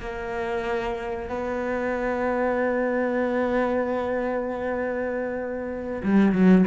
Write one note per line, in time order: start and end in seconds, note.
0.00 1.30 A#3
1.30 6.03 B3
6.04 6.32 G3
6.32 6.65 F#3